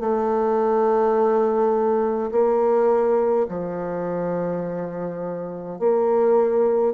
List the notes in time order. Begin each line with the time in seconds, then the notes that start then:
0.00 A3
2.31 A#3
3.49 F3
5.79 A#3